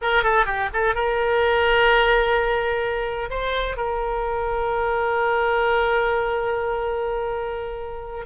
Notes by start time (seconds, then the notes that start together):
0.01 A#4
0.23 A4
0.45 G4
0.73 A4
0.94 A#4
3.29 C5
3.76 A#4